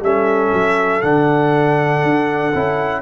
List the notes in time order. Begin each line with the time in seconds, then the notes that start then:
0.00 G3 C#4 A4 E5
0.53 F#3
1.01 D3 D4 F#5
2.03 D4
2.54 C#4 E4